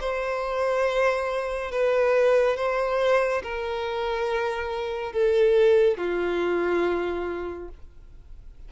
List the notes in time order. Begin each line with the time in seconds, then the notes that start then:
0.00 C5
1.71 B4
2.56 C5
3.43 A#4
5.13 A4
5.97 F4